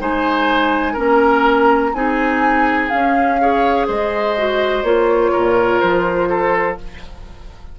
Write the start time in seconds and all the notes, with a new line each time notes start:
0.00 G#3 D#4 C5 G#5
0.93 A#3 C#4 A#4 A#5
1.94 C4 D#4 G#4 G#5
2.90 C#4 F5
3.41 G#4 C#5
3.87 G#3 C5 D#5
4.37 F#4
4.83 A#3 F4 C#5
5.32 A#2 A#4
5.80 F3 C5
6.30 A4